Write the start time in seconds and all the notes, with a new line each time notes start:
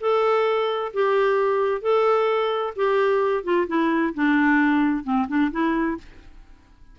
0.00 A4
0.93 G4
1.81 A4
2.76 G4
3.44 F4
3.68 E4
4.14 D4
5.04 C4
5.28 D4
5.52 E4